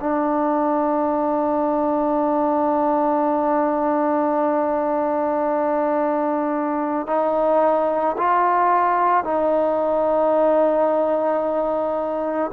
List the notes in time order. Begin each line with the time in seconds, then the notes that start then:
0.00 D4
7.07 D#4
8.18 F4
9.24 D#4